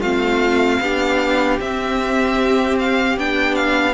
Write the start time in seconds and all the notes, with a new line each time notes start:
0.00 A3 C4 F4 F5
0.80 B3 D4 G4
1.60 C4 E5
2.79 F5
3.17 B3 D4 G5
3.55 F5